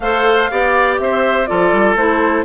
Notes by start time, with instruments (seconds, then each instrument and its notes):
0.00 bassoon A3, clarinet A4, oboe C5, flute F5
0.51 bassoon B3, clarinet G4, oboe D5
0.98 bassoon C4, oboe C5, flute E5
1.45 bassoon F3, clarinet F4, oboe A4, flute D5
1.72 bassoon G3
1.95 bassoon A3, clarinet E4, flute C5